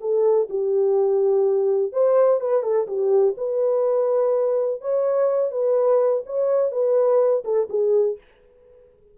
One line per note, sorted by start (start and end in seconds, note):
0.00 0.48 A4
0.49 1.92 G4
1.92 2.40 C5
2.40 2.62 B4
2.62 2.86 A4
2.87 3.35 G4
3.37 4.81 B4
4.81 5.51 C#5
5.51 6.23 B4
6.26 6.71 C#5
6.71 7.43 B4
7.44 7.68 A4
7.69 8.17 G#4